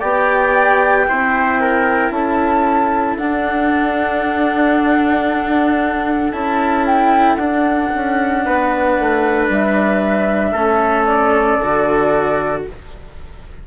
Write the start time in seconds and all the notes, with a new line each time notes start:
0.00 B3 G4 D5 G5
1.07 C4 E4 C5
1.61 A#4
2.10 C#4 A4 A5
3.18 D4 F#5
6.32 C#4 E4 A5
6.86 G5
7.36 D4 F#5
7.95 C#4
8.45 B3 B4
8.99 A3
9.49 G3 E5
10.52 A3 C#4 A4
11.05 D5
11.60 D3 F#4